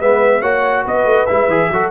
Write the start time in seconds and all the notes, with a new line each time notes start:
0.00 G#3 B3 B4 E5
0.41 A#3 F#4 C#5 F#5
0.85 B3 B4 D#5
1.05 A3
1.26 G#3 E4 E5
1.48 E3 G#4
1.71 F#3 F#4 A4